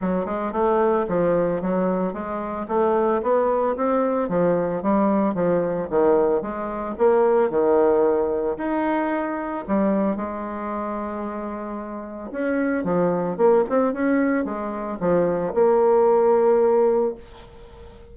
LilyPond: \new Staff \with { instrumentName = "bassoon" } { \time 4/4 \tempo 4 = 112 fis8 gis8 a4 f4 fis4 | gis4 a4 b4 c'4 | f4 g4 f4 dis4 | gis4 ais4 dis2 |
dis'2 g4 gis4~ | gis2. cis'4 | f4 ais8 c'8 cis'4 gis4 | f4 ais2. | }